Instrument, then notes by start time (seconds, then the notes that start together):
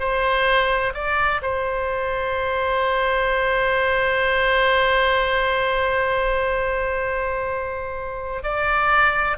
oboe
0.00 C5
0.95 D5
1.42 C5
8.44 D5